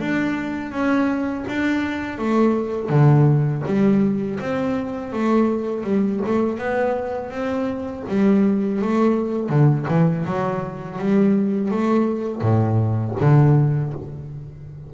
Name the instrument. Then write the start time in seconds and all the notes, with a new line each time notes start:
double bass
0.00 D4
0.72 C#4
1.49 D4
2.19 A3
2.90 D3
3.67 G3
4.40 C4
5.13 A3
5.84 G3
6.27 A3
6.59 B3
7.31 C4
8.09 G3
8.82 A3
9.50 D3
9.89 E3
10.26 F#3
10.99 G3
11.72 A3
12.42 A2
13.21 D3